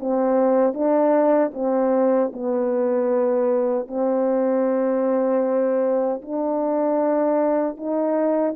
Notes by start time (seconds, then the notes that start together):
0.00 C4
0.74 D4
1.54 C4
2.33 B3
3.87 C4
6.22 D4
7.77 D#4